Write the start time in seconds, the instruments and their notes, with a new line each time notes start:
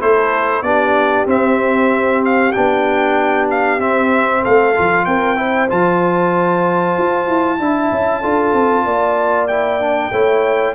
0.00 tuba A3, trombone E4, horn A4, trumpet C5
0.62 tuba B3, trombone D4, horn G4, trumpet D5
1.26 tuba C4, trombone C4, trumpet E5
2.25 trumpet F5
2.52 tuba B3, trombone D4, trumpet G5
3.51 trumpet F5
3.79 tuba C4, trombone C4, trumpet E5
4.42 tuba A3, horn A4, trumpet F5
4.75 tuba F3, trombone F4
5.05 tuba C4, horn A#4, trumpet G5
5.36 trombone E4, horn C5
5.69 tuba F3, trombone F4, trumpet A5
6.98 tuba F4
7.28 tuba E4
7.60 tuba D4, trombone E4, horn E5
7.92 tuba C#4
8.21 tuba D4, trombone F4, horn A4
8.53 tuba C4
8.85 tuba A#3, horn D5
9.48 trombone E4, trumpet G5
9.80 trombone D4
10.11 tuba A3, trombone E4, horn C#5